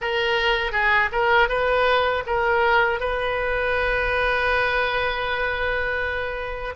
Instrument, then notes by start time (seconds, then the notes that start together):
oboe
0.01 A#4
0.72 G#4
1.12 A#4
1.48 B4
2.26 A#4
3.00 B4